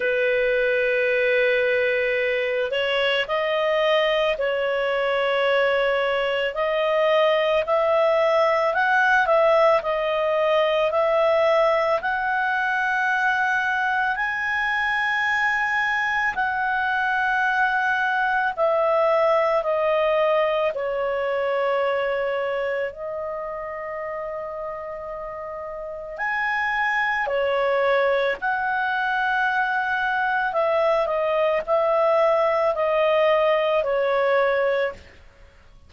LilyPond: \new Staff \with { instrumentName = "clarinet" } { \time 4/4 \tempo 4 = 55 b'2~ b'8 cis''8 dis''4 | cis''2 dis''4 e''4 | fis''8 e''8 dis''4 e''4 fis''4~ | fis''4 gis''2 fis''4~ |
fis''4 e''4 dis''4 cis''4~ | cis''4 dis''2. | gis''4 cis''4 fis''2 | e''8 dis''8 e''4 dis''4 cis''4 | }